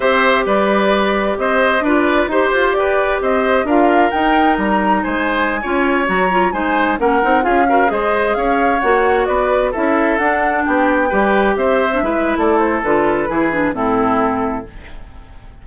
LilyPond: <<
  \new Staff \with { instrumentName = "flute" } { \time 4/4 \tempo 4 = 131 e''4 d''2 dis''4 | d''4 c''4 d''4 dis''4 | f''4 g''4 ais''4 gis''4~ | gis''4~ gis''16 ais''4 gis''4 fis''8.~ |
fis''16 f''4 dis''4 f''4 fis''8.~ | fis''16 d''4 e''4 fis''4 g''8.~ | g''4~ g''16 e''4.~ e''16 d''8 c''8 | b'2 a'2 | }
  \new Staff \with { instrumentName = "oboe" } { \time 4/4 c''4 b'2 c''4 | b'4 c''4 b'4 c''4 | ais'2. c''4~ | c''16 cis''2 c''4 ais'8.~ |
ais'16 gis'8 ais'8 c''4 cis''4.~ cis''16~ | cis''16 b'4 a'2 g'8.~ | g'16 b'4 c''4 b'8. a'4~ | a'4 gis'4 e'2 | }
  \new Staff \with { instrumentName = "clarinet" } { \time 4/4 g'1 | f'4 g'2. | f'4 dis'2.~ | dis'16 f'4 fis'8 f'8 dis'4 cis'8 dis'16~ |
dis'16 f'8 fis'8 gis'2 fis'8.~ | fis'4~ fis'16 e'4 d'4.~ d'16~ | d'16 g'4.~ g'16 d'16 e'4.~ e'16 | f'4 e'8 d'8 c'2 | }
  \new Staff \with { instrumentName = "bassoon" } { \time 4/4 c'4 g2 c'4 | d'4 dis'8 f'8 g'4 c'4 | d'4 dis'4 g4 gis4~ | gis16 cis'4 fis4 gis4 ais8 c'16~ |
c'16 cis'4 gis4 cis'4 ais8.~ | ais16 b4 cis'4 d'4 b8.~ | b16 g4 c'4 gis8. a4 | d4 e4 a,2 | }
>>